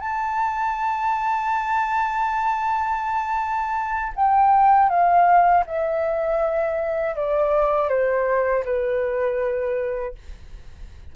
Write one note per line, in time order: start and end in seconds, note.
0.00 4.12 A5
4.15 4.89 G5
4.89 5.64 F5
5.67 7.16 E5
7.16 7.89 D5
7.89 8.64 C5
8.65 10.15 B4